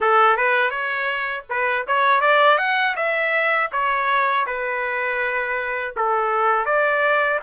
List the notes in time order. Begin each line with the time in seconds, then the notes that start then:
0.00 A4
0.36 B4
0.70 C#5
1.49 B4
1.87 C#5
2.20 D5
2.58 F#5
2.96 E5
3.71 C#5
4.46 B4
5.96 A4
6.65 D5